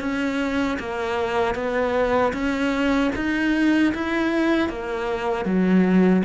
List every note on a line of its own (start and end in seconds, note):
0.00 0.78 C#4
0.79 1.55 A#3
1.55 2.33 B3
2.33 3.11 C#4
3.16 3.94 D#4
3.95 4.69 E4
4.69 5.45 A#3
5.45 6.23 F#3